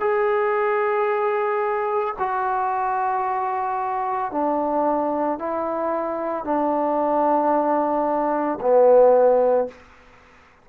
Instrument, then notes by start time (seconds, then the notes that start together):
trombone
0.00 G#4
2.19 F#4
4.31 D4
5.38 E4
6.44 D4
8.61 B3